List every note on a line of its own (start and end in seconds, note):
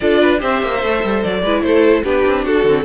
0.00 0.42 D4
0.00 0.39 F4
0.00 0.21 A4
0.00 0.41 D5
0.21 0.39 B4
0.39 0.62 C4
0.39 0.80 G4
0.39 1.41 C5
0.39 1.23 E5
0.62 0.82 A#3
0.82 1.03 A3
0.82 1.45 A4
1.03 1.24 G3
1.23 1.42 F#3
1.23 1.62 D5
1.42 1.62 G#3
1.42 2.04 E4
1.42 1.63 B4
1.62 2.03 A3
1.62 2.03 A4
1.62 2.03 C5
2.03 2.24 B3
2.03 2.65 D4
2.03 2.44 G4
2.03 2.45 B4
2.26 2.46 C4
2.44 2.64 D4
2.44 2.84 F#4
2.44 2.84 A4
2.64 2.84 D3
2.64 2.84 C4